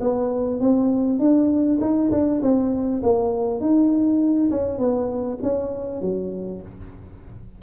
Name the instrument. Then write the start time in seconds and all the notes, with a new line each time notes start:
tuba
0.00 B3
0.60 C4
1.19 D4
1.80 D#4
2.11 D4
2.42 C4
3.02 A#3
3.60 D#4
4.51 C#4
4.78 B3
5.42 C#4
6.01 F#3